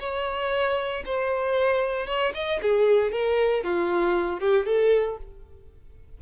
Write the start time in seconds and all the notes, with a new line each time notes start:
0.00 C#5
1.05 C5
2.07 C#5
2.34 D#5
2.62 G#4
3.12 A#4
3.64 F4
4.40 G4
4.66 A4